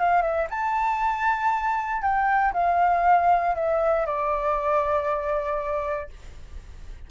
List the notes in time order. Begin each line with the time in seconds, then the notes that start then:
0.00 F5
0.22 E5
0.50 A5
2.02 G5
2.54 F5
3.55 E5
4.06 D5